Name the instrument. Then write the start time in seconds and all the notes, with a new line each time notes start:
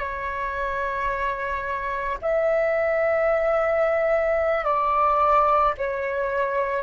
flute
0.00 C#5
2.22 E5
4.65 D5
5.78 C#5